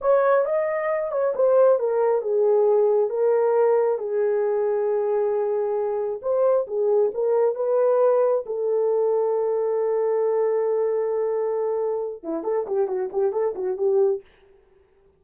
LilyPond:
\new Staff \with { instrumentName = "horn" } { \time 4/4 \tempo 4 = 135 cis''4 dis''4. cis''8 c''4 | ais'4 gis'2 ais'4~ | ais'4 gis'2.~ | gis'2 c''4 gis'4 |
ais'4 b'2 a'4~ | a'1~ | a'2.~ a'8 e'8 | a'8 g'8 fis'8 g'8 a'8 fis'8 g'4 | }